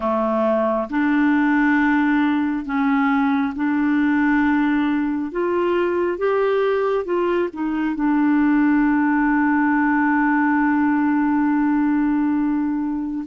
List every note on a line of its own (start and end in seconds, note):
0.00 0.87 A3
0.89 2.65 D4
2.65 3.53 C#4
3.55 5.31 D4
5.31 6.18 F4
6.18 7.04 G4
7.04 7.48 F4
7.53 7.95 D#4
7.95 13.24 D4